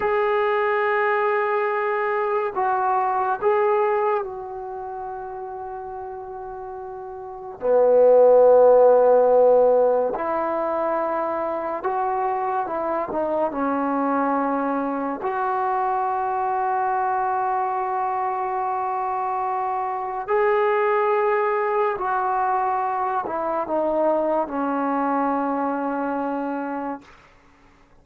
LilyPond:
\new Staff \with { instrumentName = "trombone" } { \time 4/4 \tempo 4 = 71 gis'2. fis'4 | gis'4 fis'2.~ | fis'4 b2. | e'2 fis'4 e'8 dis'8 |
cis'2 fis'2~ | fis'1 | gis'2 fis'4. e'8 | dis'4 cis'2. | }